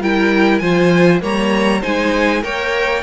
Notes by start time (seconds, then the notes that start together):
0.00 G3 E4 A#4 G5
0.59 F3 F4 C5 G#5
1.22 G3 A#3 C#5 A#5
1.81 G#3 D#4 C5 G#5
2.42 A#3 A#4 C#5 G5